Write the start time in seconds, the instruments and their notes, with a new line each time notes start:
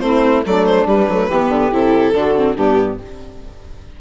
0.00 bassoon A3, viola C4, saxophone E4, violin C5
0.46 bassoon F#3, viola A3, saxophone D4, violin D5
0.66 violin C5
0.86 bassoon G3, viola G3, violin B4
1.09 bassoon F#3, viola A3
1.28 bassoon E3, viola B3, saxophone G4
1.49 bassoon D3
1.72 bassoon C3, viola E4, violin A4
2.14 bassoon D3, viola D4, saxophone F#4
2.36 viola C4
2.55 bassoon G2, viola B3, saxophone D4, violin G4